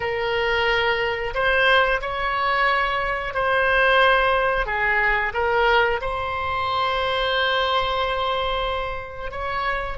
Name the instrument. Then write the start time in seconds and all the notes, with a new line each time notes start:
oboe
0.00 A#4
1.34 C5
2.01 C#5
3.33 C5
4.66 G#4
5.33 A#4
6.01 C5
9.31 C#5